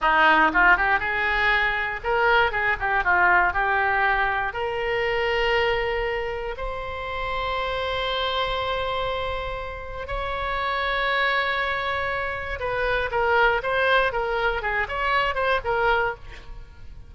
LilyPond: \new Staff \with { instrumentName = "oboe" } { \time 4/4 \tempo 4 = 119 dis'4 f'8 g'8 gis'2 | ais'4 gis'8 g'8 f'4 g'4~ | g'4 ais'2.~ | ais'4 c''2.~ |
c''1 | cis''1~ | cis''4 b'4 ais'4 c''4 | ais'4 gis'8 cis''4 c''8 ais'4 | }